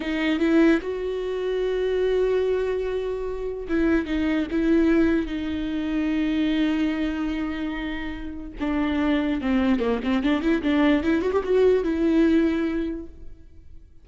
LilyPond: \new Staff \with { instrumentName = "viola" } { \time 4/4 \tempo 4 = 147 dis'4 e'4 fis'2~ | fis'1~ | fis'4 e'4 dis'4 e'4~ | e'4 dis'2.~ |
dis'1~ | dis'4 d'2 c'4 | ais8 c'8 d'8 e'8 d'4 e'8 fis'16 g'16 | fis'4 e'2. | }